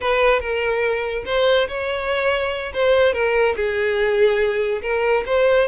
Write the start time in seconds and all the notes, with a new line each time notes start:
0.00 B4
0.40 A#4
1.25 C5
1.68 C#5
2.73 C5
3.13 A#4
3.55 G#4
4.82 A#4
5.26 C5